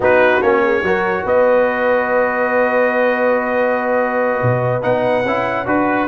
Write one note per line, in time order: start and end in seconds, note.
0.00 0.39 B3
0.00 0.42 D#4
0.00 0.62 F#4
0.00 0.42 B4
0.42 0.82 A#3
0.42 0.84 C#4
0.42 1.25 C#5
0.63 0.84 G#4
0.82 1.24 F#3
0.82 4.82 F#4
0.82 1.23 A#4
1.23 4.39 B3
1.23 6.06 B4
1.23 4.82 D#5
4.42 4.83 B2
4.82 5.25 B3
4.82 5.24 D#4
4.82 5.66 F#5
5.25 5.66 C#4
5.25 5.66 E4
5.66 6.08 D4
5.66 6.08 F#4
5.66 6.08 B4